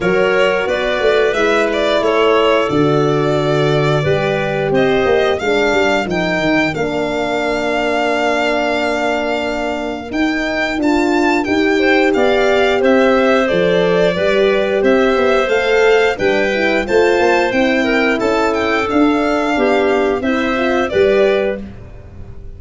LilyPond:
<<
  \new Staff \with { instrumentName = "violin" } { \time 4/4 \tempo 4 = 89 cis''4 d''4 e''8 d''8 cis''4 | d''2. dis''4 | f''4 g''4 f''2~ | f''2. g''4 |
a''4 g''4 f''4 e''4 | d''2 e''4 f''4 | g''4 a''4 g''4 a''8 g''8 | f''2 e''4 d''4 | }
  \new Staff \with { instrumentName = "clarinet" } { \time 4/4 ais'4 b'2 a'4~ | a'2 b'4 c''4 | ais'1~ | ais'1~ |
ais'4. c''8 d''4 c''4~ | c''4 b'4 c''2 | b'4 c''4. ais'8 a'4~ | a'4 g'4 c''4 b'4 | }
  \new Staff \with { instrumentName = "horn" } { \time 4/4 fis'2 e'2 | fis'2 g'2 | d'4 dis'4 d'2~ | d'2. dis'4 |
f'4 g'2. | a'4 g'2 a'4 | d'8 e'8 f'4 e'2 | d'2 e'8 f'8 g'4 | }
  \new Staff \with { instrumentName = "tuba" } { \time 4/4 fis4 b8 a8 gis4 a4 | d2 g4 c'8 ais8 | gis8 g8 f8 dis8 ais2~ | ais2. dis'4 |
d'4 dis'4 b4 c'4 | f4 g4 c'8 b8 a4 | g4 a8 ais8 c'4 cis'4 | d'4 b4 c'4 g4 | }
>>